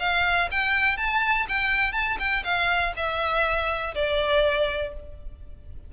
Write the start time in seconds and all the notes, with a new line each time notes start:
0.00 F5
0.52 G5
0.97 A5
1.49 G5
1.93 A5
2.20 G5
2.44 F5
2.97 E5
3.95 D5